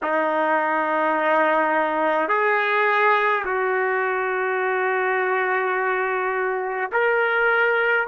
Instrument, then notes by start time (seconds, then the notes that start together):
trumpet
0.02 D#4
2.28 G#4
3.44 F#4
6.92 A#4